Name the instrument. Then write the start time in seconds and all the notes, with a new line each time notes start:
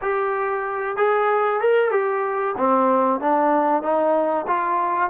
trombone
0.01 G4
0.96 G#4
1.60 A#4
1.91 G4
2.57 C4
3.20 D4
3.82 D#4
4.47 F4